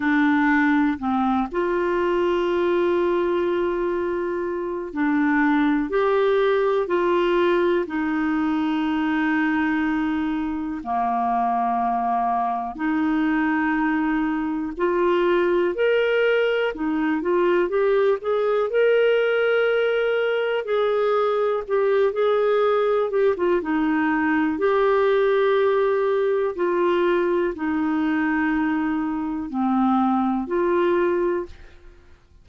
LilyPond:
\new Staff \with { instrumentName = "clarinet" } { \time 4/4 \tempo 4 = 61 d'4 c'8 f'2~ f'8~ | f'4 d'4 g'4 f'4 | dis'2. ais4~ | ais4 dis'2 f'4 |
ais'4 dis'8 f'8 g'8 gis'8 ais'4~ | ais'4 gis'4 g'8 gis'4 g'16 f'16 | dis'4 g'2 f'4 | dis'2 c'4 f'4 | }